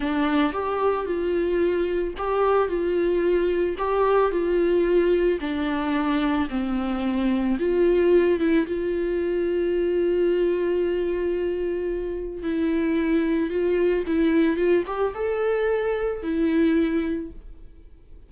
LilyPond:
\new Staff \with { instrumentName = "viola" } { \time 4/4 \tempo 4 = 111 d'4 g'4 f'2 | g'4 f'2 g'4 | f'2 d'2 | c'2 f'4. e'8 |
f'1~ | f'2. e'4~ | e'4 f'4 e'4 f'8 g'8 | a'2 e'2 | }